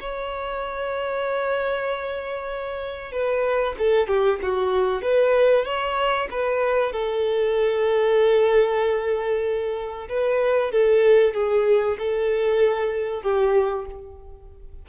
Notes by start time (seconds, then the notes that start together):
0.00 C#5
3.12 B4
3.79 A4
4.08 G4
4.43 F#4
5.02 B4
5.66 C#5
6.31 B4
6.93 A4
10.09 B4
10.72 A4
11.34 G#4
11.99 A4
13.23 G4